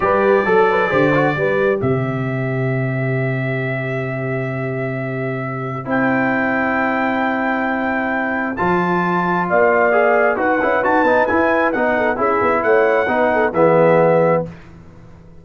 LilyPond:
<<
  \new Staff \with { instrumentName = "trumpet" } { \time 4/4 \tempo 4 = 133 d''1 | e''1~ | e''1~ | e''4 g''2.~ |
g''2. a''4~ | a''4 f''2 fis''4 | a''4 gis''4 fis''4 e''4 | fis''2 e''2 | }
  \new Staff \with { instrumentName = "horn" } { \time 4/4 b'4 a'8 b'8 c''4 b'4 | c''1~ | c''1~ | c''1~ |
c''1~ | c''4 d''2 b'4~ | b'2~ b'8 a'8 gis'4 | cis''4 b'8 a'8 gis'2 | }
  \new Staff \with { instrumentName = "trombone" } { \time 4/4 g'4 a'4 g'8 fis'8 g'4~ | g'1~ | g'1~ | g'4 e'2.~ |
e'2. f'4~ | f'2 gis'4 fis'8 e'8 | fis'8 dis'8 e'4 dis'4 e'4~ | e'4 dis'4 b2 | }
  \new Staff \with { instrumentName = "tuba" } { \time 4/4 g4 fis4 d4 g4 | c1~ | c1~ | c4 c'2.~ |
c'2. f4~ | f4 ais2 dis'8 cis'8 | dis'8 b8 e'4 b4 cis'8 b8 | a4 b4 e2 | }
>>